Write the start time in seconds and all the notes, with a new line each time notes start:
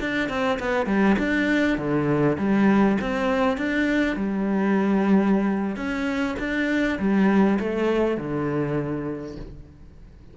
0.00 D4
0.29 C4
0.59 B3
0.86 G3
1.19 D4
1.78 D3
2.38 G3
3.01 C4
3.57 D4
4.16 G3
5.76 C#4
6.39 D4
6.99 G3
7.59 A3
8.17 D3